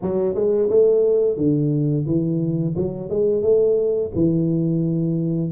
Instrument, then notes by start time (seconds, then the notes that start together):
tuba
0.02 F#3
0.34 G#3
0.69 A3
1.37 D3
2.05 E3
2.76 F#3
3.09 G#3
3.42 A3
4.14 E3